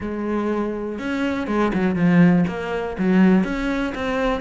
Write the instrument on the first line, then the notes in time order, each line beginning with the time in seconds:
cello
0.00 G#3
0.99 C#4
1.47 G#3
1.73 F#3
1.95 F3
2.47 A#3
2.98 F#3
3.44 C#4
3.94 C4